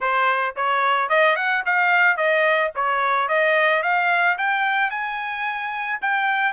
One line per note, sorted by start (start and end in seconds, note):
0.00 0.55 C5
0.56 1.09 C#5
1.09 1.36 D#5
1.36 1.63 F#5
1.65 2.16 F5
2.16 2.71 D#5
2.75 3.28 C#5
3.28 3.82 D#5
3.82 4.37 F5
4.38 4.90 G5
4.90 5.99 G#5
6.01 6.52 G5